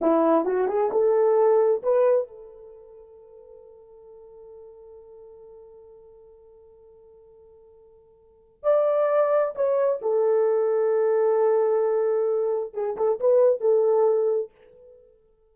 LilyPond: \new Staff \with { instrumentName = "horn" } { \time 4/4 \tempo 4 = 132 e'4 fis'8 gis'8 a'2 | b'4 a'2.~ | a'1~ | a'1~ |
a'2. d''4~ | d''4 cis''4 a'2~ | a'1 | gis'8 a'8 b'4 a'2 | }